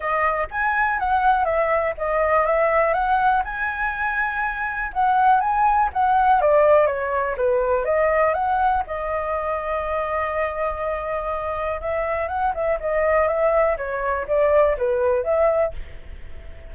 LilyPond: \new Staff \with { instrumentName = "flute" } { \time 4/4 \tempo 4 = 122 dis''4 gis''4 fis''4 e''4 | dis''4 e''4 fis''4 gis''4~ | gis''2 fis''4 gis''4 | fis''4 d''4 cis''4 b'4 |
dis''4 fis''4 dis''2~ | dis''1 | e''4 fis''8 e''8 dis''4 e''4 | cis''4 d''4 b'4 e''4 | }